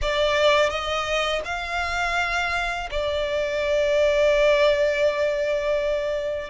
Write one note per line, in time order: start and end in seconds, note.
0.01 0.69 D5
0.69 1.42 D#5
1.45 2.89 F5
2.90 6.50 D5